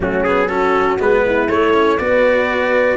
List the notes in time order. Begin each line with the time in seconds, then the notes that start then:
0.00 F#3 A3 C#4 F#4
0.23 B3 G#4
0.48 C#4 F#4 A4
0.99 G#3 B3 B4
1.25 E4
1.48 A3 C#5
1.73 C#4
1.98 B3 F#4 B4 D5